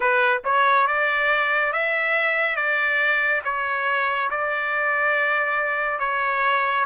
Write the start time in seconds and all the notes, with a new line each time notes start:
0.00 B4
0.44 C#5
0.86 D5
1.72 E5
2.56 D5
3.44 C#5
4.30 D5
5.99 C#5